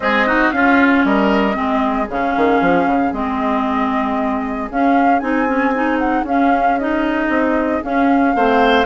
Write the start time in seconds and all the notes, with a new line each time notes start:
0.00 G#3 C4 G#4 D#5
0.26 D#4 F#4
0.51 C#4 F4 F5
1.04 G3 A#4 D#5
1.53 G#3 C4 G#4
2.09 C#3 C#4 F5
2.36 D#3
2.61 F3
2.86 C#3
3.12 G#3 C4 D#5
4.70 C#4 F5
5.19 C4 D#4 G#5
5.47 C#4
5.74 D#4
5.98 F#5
6.23 C#4 F5
6.79 D#4 D#5
7.29 C4
7.82 C#4 F5
8.35 A3 C4 C5